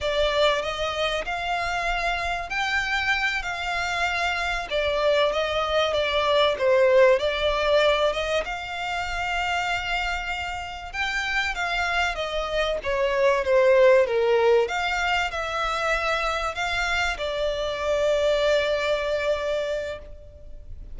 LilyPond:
\new Staff \with { instrumentName = "violin" } { \time 4/4 \tempo 4 = 96 d''4 dis''4 f''2 | g''4. f''2 d''8~ | d''8 dis''4 d''4 c''4 d''8~ | d''4 dis''8 f''2~ f''8~ |
f''4. g''4 f''4 dis''8~ | dis''8 cis''4 c''4 ais'4 f''8~ | f''8 e''2 f''4 d''8~ | d''1 | }